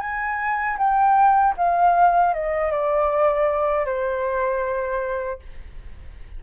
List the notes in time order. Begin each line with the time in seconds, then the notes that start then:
0.00 G#5
0.78 G5
1.57 F5
2.34 D#5
2.71 D5
3.85 C5